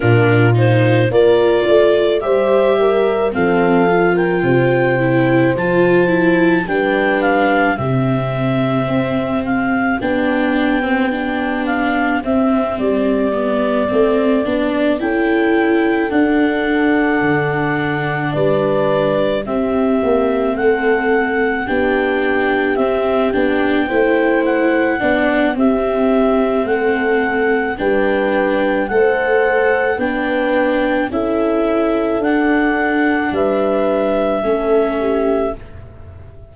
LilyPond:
<<
  \new Staff \with { instrumentName = "clarinet" } { \time 4/4 \tempo 4 = 54 ais'8 c''8 d''4 e''4 f''8. g''16~ | g''4 a''4 g''8 f''8 e''4~ | e''8 f''8 g''4. f''8 e''8 d''8~ | d''4. g''4 fis''4.~ |
fis''8 d''4 e''4 fis''4 g''8~ | g''8 e''8 g''4 fis''4 e''4 | fis''4 g''4 fis''4 g''4 | e''4 fis''4 e''2 | }
  \new Staff \with { instrumentName = "horn" } { \time 4/4 f'4 ais'8 d''8 c''8 ais'8 a'8. ais'16 | c''2 b'4 g'4~ | g'1~ | g'4. a'2~ a'8~ |
a'8 b'4 g'4 a'4 g'8~ | g'4. c''4 d''8 g'4 | a'4 b'4 c''4 b'4 | a'2 b'4 a'8 g'8 | }
  \new Staff \with { instrumentName = "viola" } { \time 4/4 d'8 dis'8 f'4 g'4 c'8 f'8~ | f'8 e'8 f'8 e'8 d'4 c'4~ | c'4 d'8. c'16 d'4 c'4 | b8 c'8 d'8 e'4 d'4.~ |
d'4. c'2 d'8~ | d'8 c'8 d'8 e'4 d'8 c'4~ | c'4 d'4 a'4 d'4 | e'4 d'2 cis'4 | }
  \new Staff \with { instrumentName = "tuba" } { \time 4/4 ais,4 ais8 a8 g4 f4 | c4 f4 g4 c4 | c'4 b2 c'8 g8~ | g8 a8 b8 cis'4 d'4 d8~ |
d8 g4 c'8 ais8 a4 b8~ | b8 c'8 b8 a4 b8 c'4 | a4 g4 a4 b4 | cis'4 d'4 g4 a4 | }
>>